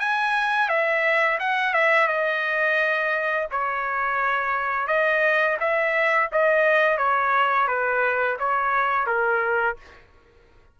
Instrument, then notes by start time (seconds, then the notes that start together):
trumpet
0.00 G#5
0.69 E5
1.40 F#5
1.74 E5
2.08 D#5
3.52 C#5
4.88 D#5
5.60 E5
6.32 D#5
6.98 C#5
7.68 B4
8.39 C#5
9.07 A#4